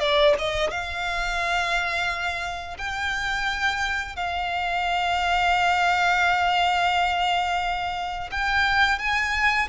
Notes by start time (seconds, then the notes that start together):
0.00 D5
0.39 D#5
0.71 F5
2.78 G5
4.16 F5
8.31 G5
8.99 G#5